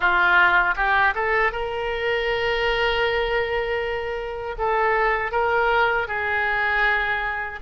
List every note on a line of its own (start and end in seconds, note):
0.00 0.74 F4
0.76 1.14 G4
1.14 1.52 A4
1.52 4.55 A#4
4.58 5.31 A4
5.31 6.07 A#4
6.07 7.59 G#4